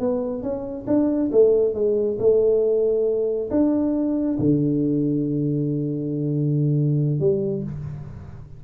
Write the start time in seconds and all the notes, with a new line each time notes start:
0.00 B3
0.43 C#4
0.87 D4
1.32 A3
1.75 G#3
2.19 A3
3.51 D4
4.39 D3
7.20 G3